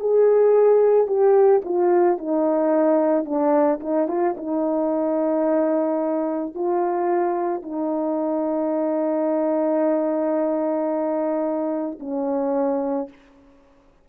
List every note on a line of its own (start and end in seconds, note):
0.00 1.07 G#4
1.07 1.62 G4
1.65 2.18 F4
2.18 3.25 D#4
3.25 3.80 D4
3.81 4.08 D#4
4.08 4.35 F4
4.37 6.55 D#4
6.55 7.63 F4
7.63 11.99 D#4
12.00 13.09 C#4